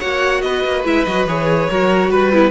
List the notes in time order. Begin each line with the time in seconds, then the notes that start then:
0.00 A#3 F#4 C#5 F#5
0.42 B3 B4 D#5
0.65 A#3
0.85 G#3 E4 E5
1.05 F#3 F#4 D#5
1.27 E3 G#4 C#5
1.70 F#3 F#4 A#4
2.10 G3 B4
2.34 B3 E4